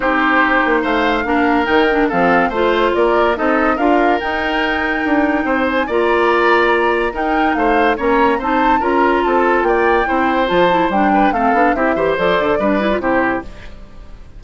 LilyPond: <<
  \new Staff \with { instrumentName = "flute" } { \time 4/4 \tempo 4 = 143 c''2 f''2 | g''4 f''4 c''4 d''4 | dis''4 f''4 g''2~ | g''4. gis''8 ais''2~ |
ais''4 g''4 f''4 ais''4 | a''4 ais''4 a''4 g''4~ | g''4 a''4 g''4 f''4 | e''4 d''2 c''4 | }
  \new Staff \with { instrumentName = "oboe" } { \time 4/4 g'2 c''4 ais'4~ | ais'4 a'4 c''4 ais'4 | a'4 ais'2.~ | ais'4 c''4 d''2~ |
d''4 ais'4 c''4 cis''4 | c''4 ais'4 a'4 d''4 | c''2~ c''8 b'8 a'4 | g'8 c''4. b'4 g'4 | }
  \new Staff \with { instrumentName = "clarinet" } { \time 4/4 dis'2. d'4 | dis'8 d'8 c'4 f'2 | dis'4 f'4 dis'2~ | dis'2 f'2~ |
f'4 dis'2 cis'4 | dis'4 f'2. | e'4 f'8 e'8 d'4 c'8 d'8 | e'8 g'8 a'4 d'8 e'16 f'16 e'4 | }
  \new Staff \with { instrumentName = "bassoon" } { \time 4/4 c'4. ais8 a4 ais4 | dis4 f4 a4 ais4 | c'4 d'4 dis'2 | d'4 c'4 ais2~ |
ais4 dis'4 a4 ais4 | c'4 cis'4 c'4 ais4 | c'4 f4 g4 a8 b8 | c'8 e8 f8 d8 g4 c4 | }
>>